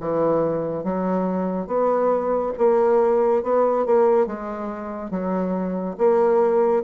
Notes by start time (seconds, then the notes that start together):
0.00 E3
0.84 F#3
1.67 B3
2.58 A#3
3.43 B3
3.86 A#3
4.27 G#3
5.11 F#3
5.98 A#3